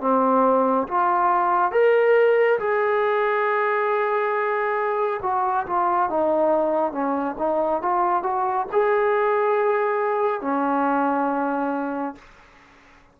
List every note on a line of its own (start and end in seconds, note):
0.00 0.87 C4
0.87 1.71 F4
1.71 2.58 A#4
2.59 5.20 G#4
5.22 5.66 F#4
5.66 6.09 F4
6.09 6.92 D#4
6.92 7.35 C#4
7.38 7.82 D#4
7.82 8.23 F4
8.23 8.66 F#4
8.72 10.41 G#4
10.41 12.15 C#4